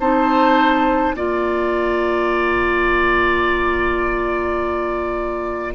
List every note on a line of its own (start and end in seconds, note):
0.00 1.15 C4
0.00 1.16 D#4
0.00 1.16 C5
0.00 1.15 A5
1.15 5.75 A#3
1.15 5.75 F4
1.15 5.75 D5
1.15 5.75 A#5